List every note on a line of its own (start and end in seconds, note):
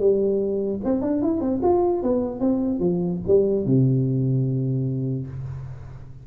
0.00 0.81 G3
0.85 1.02 C4
1.02 1.22 D4
1.23 1.41 E4
1.41 1.61 C4
1.63 2.03 F4
2.03 2.41 B3
2.41 2.80 C4
2.80 3.20 F3
3.28 3.66 G3
3.66 5.27 C3